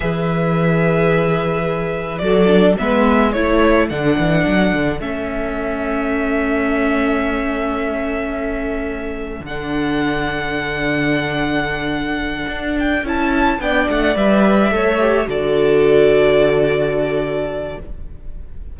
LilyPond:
<<
  \new Staff \with { instrumentName = "violin" } { \time 4/4 \tempo 4 = 108 e''1 | d''4 e''4 cis''4 fis''4~ | fis''4 e''2.~ | e''1~ |
e''4 fis''2.~ | fis''2. g''8 a''8~ | a''8 g''8 fis''8 e''2 d''8~ | d''1 | }
  \new Staff \with { instrumentName = "violin" } { \time 4/4 b'1 | a'4 b'4 a'2~ | a'1~ | a'1~ |
a'1~ | a'1~ | a'8 d''2 cis''4 a'8~ | a'1 | }
  \new Staff \with { instrumentName = "viola" } { \time 4/4 gis'1 | fis'8 d'8 b4 e'4 d'4~ | d'4 cis'2.~ | cis'1~ |
cis'4 d'2.~ | d'2.~ d'8 e'8~ | e'8 d'4 b'4 a'8 g'8 fis'8~ | fis'1 | }
  \new Staff \with { instrumentName = "cello" } { \time 4/4 e1 | fis4 gis4 a4 d8 e8 | fis8 d8 a2.~ | a1~ |
a4 d2.~ | d2~ d8 d'4 cis'8~ | cis'8 b8 a8 g4 a4 d8~ | d1 | }
>>